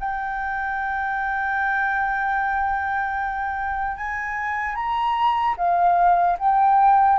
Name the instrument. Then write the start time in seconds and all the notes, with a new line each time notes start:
flute
0.00 G5
3.97 G#5
4.75 A#5
5.57 F5
6.39 G5